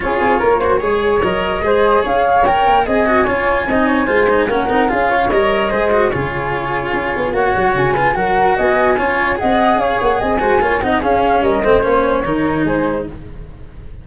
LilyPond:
<<
  \new Staff \with { instrumentName = "flute" } { \time 4/4 \tempo 4 = 147 cis''2. dis''4~ | dis''4 f''4 g''4 gis''4~ | gis''2. fis''4 | f''4 dis''2 cis''4~ |
cis''2 fis''4 gis''4 | fis''4 gis''2 fis''4 | f''8 fis''8 gis''4. fis''8 f''4 | dis''4 cis''2 c''4 | }
  \new Staff \with { instrumentName = "flute" } { \time 4/4 gis'4 ais'8 c''8 cis''2 | c''4 cis''2 dis''4 | cis''4 dis''8 cis''8 c''4 ais'4 | gis'8 cis''4. c''4 gis'4~ |
gis'2 cis''4. b'8 | ais'4 dis''4 cis''4 dis''4 | cis''4 dis''8 c''8 cis''8 dis''8 gis'4 | ais'8 c''4. ais'4 gis'4 | }
  \new Staff \with { instrumentName = "cello" } { \time 4/4 f'4. fis'8 gis'4 ais'4 | gis'2 ais'4 gis'8 fis'8 | f'4 dis'4 f'8 dis'8 cis'8 dis'8 | f'4 ais'4 gis'8 fis'8 f'4~ |
f'2 fis'4. f'8 | fis'2 f'4 gis'4~ | gis'4. fis'8 f'8 dis'8 cis'4~ | cis'8 c'8 cis'4 dis'2 | }
  \new Staff \with { instrumentName = "tuba" } { \time 4/4 cis'8 c'8 ais4 gis4 fis4 | gis4 cis'4. ais8 c'4 | cis'4 c'4 gis4 ais8 c'8 | cis'4 g4 gis4 cis4~ |
cis4 cis'8 b8 ais8 fis8 cis4 | fis4 b4 cis'4 c'4 | cis'8 ais8 c'8 gis8 ais8 c'8 cis'4 | g8 a8 ais4 dis4 gis4 | }
>>